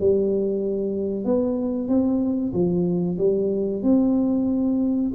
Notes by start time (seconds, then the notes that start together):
0.00 G3
1.25 B3
1.89 C4
2.53 F3
3.18 G3
3.83 C4